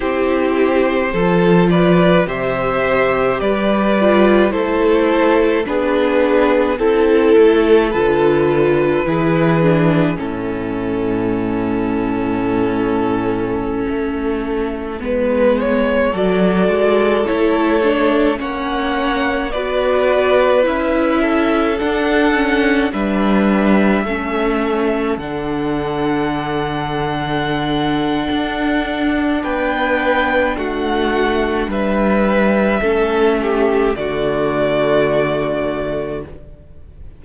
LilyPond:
<<
  \new Staff \with { instrumentName = "violin" } { \time 4/4 \tempo 4 = 53 c''4. d''8 e''4 d''4 | c''4 b'4 a'4 b'4~ | b'4 a'2.~ | a'4~ a'16 b'8 cis''8 d''4 cis''8.~ |
cis''16 fis''4 d''4 e''4 fis''8.~ | fis''16 e''2 fis''4.~ fis''16~ | fis''2 g''4 fis''4 | e''2 d''2 | }
  \new Staff \with { instrumentName = "violin" } { \time 4/4 g'4 a'8 b'8 c''4 b'4 | a'4 gis'4 a'2 | gis'4 e'2.~ | e'2~ e'16 a'4.~ a'16~ |
a'16 cis''4 b'4. a'4~ a'16~ | a'16 b'4 a'2~ a'8.~ | a'2 b'4 fis'4 | b'4 a'8 g'8 fis'2 | }
  \new Staff \with { instrumentName = "viola" } { \time 4/4 e'4 f'4 g'4. f'8 | e'4 d'4 e'4 f'4 | e'8 d'8 cis'2.~ | cis'4~ cis'16 b4 fis'4 e'8 d'16~ |
d'16 cis'4 fis'4 e'4 d'8 cis'16~ | cis'16 d'4 cis'4 d'4.~ d'16~ | d'1~ | d'4 cis'4 a2 | }
  \new Staff \with { instrumentName = "cello" } { \time 4/4 c'4 f4 c4 g4 | a4 b4 c'8 a8 d4 | e4 a,2.~ | a,16 a4 gis4 fis8 gis8 a8.~ |
a16 ais4 b4 cis'4 d'8.~ | d'16 g4 a4 d4.~ d16~ | d4 d'4 b4 a4 | g4 a4 d2 | }
>>